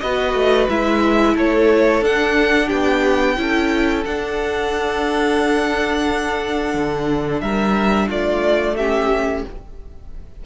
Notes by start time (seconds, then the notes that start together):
0.00 B3 F#4 B4 D#5
0.34 A3
0.69 G#3 E4 E5
1.35 A3 A4 C#5
2.02 D4 F#5
2.67 B3 G4 G5
3.37 C#4 E4 A4
4.05 D4 F#5
6.74 D3
7.41 G3 A#4 E5
8.07 A3 F4 D5
8.77 C#4 G4 E5